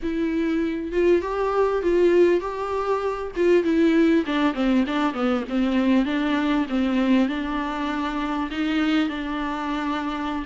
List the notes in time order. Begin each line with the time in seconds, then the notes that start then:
0.02 E4
0.92 F4
1.21 G4
1.82 F4
2.40 G4
3.36 F4
3.63 E4
4.26 D4
4.54 C4
4.87 D4
5.13 B3
5.49 C4
6.05 D4
6.69 C4
7.28 D4
8.50 D#4
9.08 D4